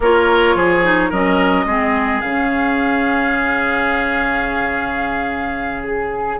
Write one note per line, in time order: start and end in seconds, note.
0.00 0.55 A#3
0.00 0.83 F4
0.00 0.55 A#4
0.00 1.12 C#5
0.55 1.10 F3
0.55 1.09 G#4
0.83 1.11 D#4
1.09 1.65 F#3
1.09 1.67 C#4
1.09 1.65 A#4
1.09 2.21 D#5
1.65 2.20 G#3
1.65 2.22 C4
1.65 6.39 G#4
2.21 6.39 C#3
2.21 6.39 C#4
2.21 5.82 F5
5.83 6.39 G#4